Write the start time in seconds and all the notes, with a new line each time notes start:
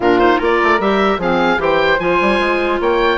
0.00 A#2 D4 F4 A#4
0.19 D#4 C5
0.38 A#3 F4 A#4 D5
0.63 A3
0.79 G3 G4 E5
1.18 F3 C4 G#4 F5
1.57 E3 G4 C5 G5
1.99 F3 F4 G#5
2.20 G3
2.39 G#3
2.80 A#3 C#5 G5